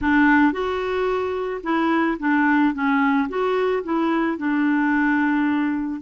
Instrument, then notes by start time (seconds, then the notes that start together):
clarinet
0.01 D4
0.52 F#4
1.63 E4
2.19 D4
2.73 C#4
3.29 F#4
3.83 E4
4.37 D4